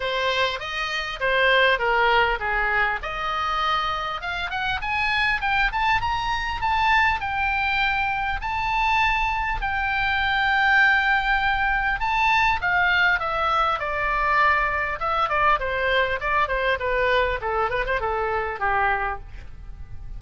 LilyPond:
\new Staff \with { instrumentName = "oboe" } { \time 4/4 \tempo 4 = 100 c''4 dis''4 c''4 ais'4 | gis'4 dis''2 f''8 fis''8 | gis''4 g''8 a''8 ais''4 a''4 | g''2 a''2 |
g''1 | a''4 f''4 e''4 d''4~ | d''4 e''8 d''8 c''4 d''8 c''8 | b'4 a'8 b'16 c''16 a'4 g'4 | }